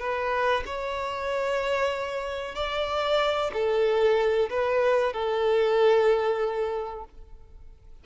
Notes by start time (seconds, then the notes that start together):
0.00 B4
0.66 C#5
2.55 D5
3.54 A4
4.50 B4
5.13 A4